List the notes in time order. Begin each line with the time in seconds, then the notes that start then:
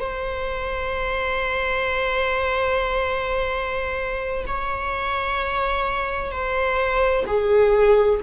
0.00 C5
4.47 C#5
6.31 C5
7.27 G#4